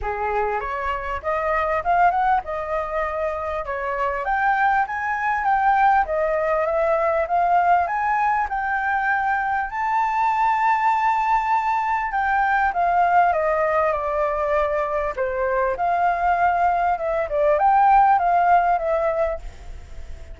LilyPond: \new Staff \with { instrumentName = "flute" } { \time 4/4 \tempo 4 = 99 gis'4 cis''4 dis''4 f''8 fis''8 | dis''2 cis''4 g''4 | gis''4 g''4 dis''4 e''4 | f''4 gis''4 g''2 |
a''1 | g''4 f''4 dis''4 d''4~ | d''4 c''4 f''2 | e''8 d''8 g''4 f''4 e''4 | }